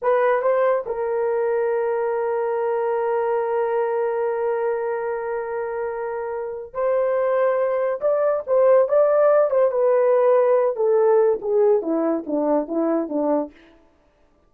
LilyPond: \new Staff \with { instrumentName = "horn" } { \time 4/4 \tempo 4 = 142 b'4 c''4 ais'2~ | ais'1~ | ais'1~ | ais'1 |
c''2. d''4 | c''4 d''4. c''8 b'4~ | b'4. a'4. gis'4 | e'4 d'4 e'4 d'4 | }